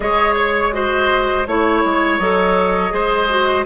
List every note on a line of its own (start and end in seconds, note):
0.00 1.46 G#3
0.00 0.72 G#4
0.00 0.74 C#5
0.00 0.34 D#5
0.36 0.73 C#5
0.72 1.45 F#4
0.72 1.47 C5
0.72 1.46 D#5
1.46 1.83 A3
1.46 2.21 E4
1.46 2.18 C#5
1.46 2.93 C#5
1.84 2.19 G#3
2.18 2.92 F#3
2.18 2.90 A4
2.18 3.64 D#5
2.90 3.65 G#3
2.90 3.26 G#4
2.90 3.65 C5
3.29 3.65 F#4